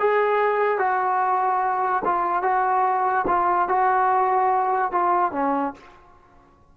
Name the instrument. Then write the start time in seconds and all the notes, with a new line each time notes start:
trombone
0.00 G#4
0.79 F#4
2.05 F4
2.43 F#4
3.27 F4
3.69 F#4
4.92 F4
5.32 C#4